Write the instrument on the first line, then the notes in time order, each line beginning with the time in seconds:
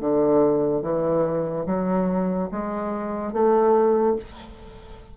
bassoon
0.00 D3
0.81 E3
1.66 F#3
2.51 G#3
3.32 A3